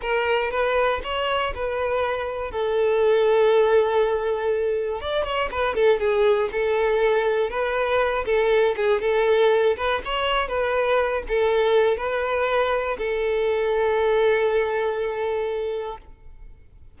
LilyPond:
\new Staff \with { instrumentName = "violin" } { \time 4/4 \tempo 4 = 120 ais'4 b'4 cis''4 b'4~ | b'4 a'2.~ | a'2 d''8 cis''8 b'8 a'8 | gis'4 a'2 b'4~ |
b'8 a'4 gis'8 a'4. b'8 | cis''4 b'4. a'4. | b'2 a'2~ | a'1 | }